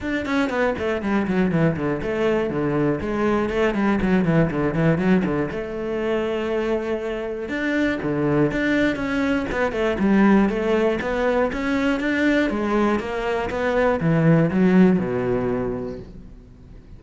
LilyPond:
\new Staff \with { instrumentName = "cello" } { \time 4/4 \tempo 4 = 120 d'8 cis'8 b8 a8 g8 fis8 e8 d8 | a4 d4 gis4 a8 g8 | fis8 e8 d8 e8 fis8 d8 a4~ | a2. d'4 |
d4 d'4 cis'4 b8 a8 | g4 a4 b4 cis'4 | d'4 gis4 ais4 b4 | e4 fis4 b,2 | }